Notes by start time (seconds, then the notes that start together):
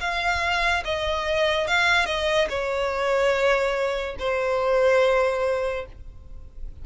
0.00 F5
0.84 D#5
1.67 F5
2.06 D#5
2.50 C#5
4.19 C5